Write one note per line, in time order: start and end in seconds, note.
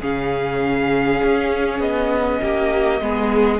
0.00 1.22 C#3
0.00 3.00 C#4
0.00 2.40 G#4
0.00 1.80 F5
1.23 1.79 C#4
1.79 2.39 B3
1.79 3.60 D#5
2.42 3.00 A#3
2.42 3.02 G4
3.00 3.60 G#3
3.00 3.60 B3
3.00 3.60 G#4